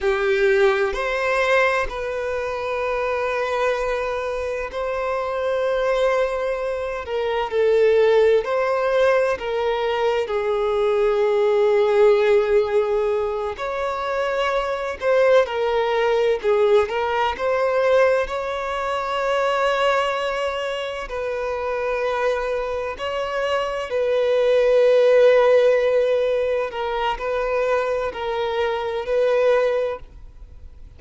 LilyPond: \new Staff \with { instrumentName = "violin" } { \time 4/4 \tempo 4 = 64 g'4 c''4 b'2~ | b'4 c''2~ c''8 ais'8 | a'4 c''4 ais'4 gis'4~ | gis'2~ gis'8 cis''4. |
c''8 ais'4 gis'8 ais'8 c''4 cis''8~ | cis''2~ cis''8 b'4.~ | b'8 cis''4 b'2~ b'8~ | b'8 ais'8 b'4 ais'4 b'4 | }